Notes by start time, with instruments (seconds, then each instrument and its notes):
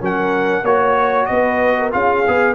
0.00 tuba F#3, trombone C#4, horn A#4, trumpet F#5
0.62 tuba A#3, trombone F#4, horn C#5, trumpet C#5
1.26 tuba B3, horn B4, trumpet D#5
1.77 horn A#4
1.91 tuba C#4, trombone F4, horn G#4, trumpet F5
2.27 tuba B3, trombone G#4